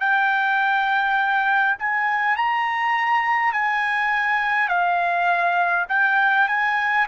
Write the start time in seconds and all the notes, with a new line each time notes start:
0.00 G5
1.79 G#5
2.36 A#5
3.52 G#5
4.68 F5
5.89 G5
6.48 G#5